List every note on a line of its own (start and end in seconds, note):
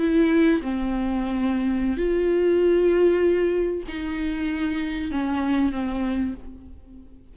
0.00 0.62 E4
0.62 1.98 C4
1.98 3.83 F4
3.89 5.12 D#4
5.12 5.72 C#4
5.72 6.34 C4